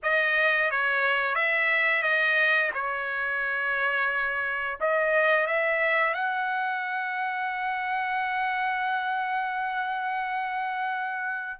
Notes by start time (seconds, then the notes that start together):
0.02 D#5
0.71 C#5
1.35 E5
2.02 D#5
2.74 C#5
4.80 D#5
5.46 E5
6.14 F#5